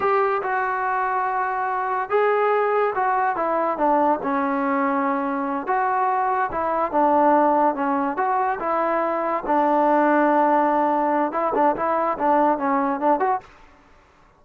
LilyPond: \new Staff \with { instrumentName = "trombone" } { \time 4/4 \tempo 4 = 143 g'4 fis'2.~ | fis'4 gis'2 fis'4 | e'4 d'4 cis'2~ | cis'4. fis'2 e'8~ |
e'8 d'2 cis'4 fis'8~ | fis'8 e'2 d'4.~ | d'2. e'8 d'8 | e'4 d'4 cis'4 d'8 fis'8 | }